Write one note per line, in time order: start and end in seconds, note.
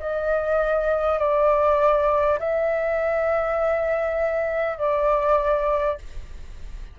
0.00 1.19 D#5
1.19 2.39 D5
2.39 4.78 E5
4.78 5.98 D5